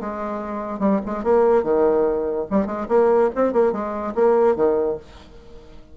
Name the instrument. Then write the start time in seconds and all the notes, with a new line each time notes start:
bassoon
0.00 G#3
0.79 G3
1.05 G#3
1.23 A#3
1.63 D#3
2.50 G3
2.66 G#3
2.88 A#3
3.35 C4
3.52 A#3
3.72 G#3
4.14 A#3
4.55 D#3